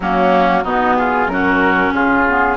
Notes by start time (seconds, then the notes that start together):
0.00 F#3 A#3 C#4 F#4
0.63 B2 B3 D#4
0.96 F4 G#4
1.26 F#2 C#4 A#4
1.32 F#4
1.93 C#3 F4 G#4
2.27 B3